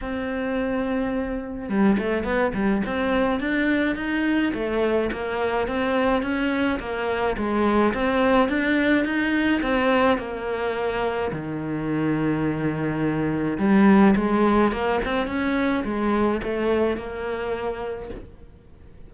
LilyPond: \new Staff \with { instrumentName = "cello" } { \time 4/4 \tempo 4 = 106 c'2. g8 a8 | b8 g8 c'4 d'4 dis'4 | a4 ais4 c'4 cis'4 | ais4 gis4 c'4 d'4 |
dis'4 c'4 ais2 | dis1 | g4 gis4 ais8 c'8 cis'4 | gis4 a4 ais2 | }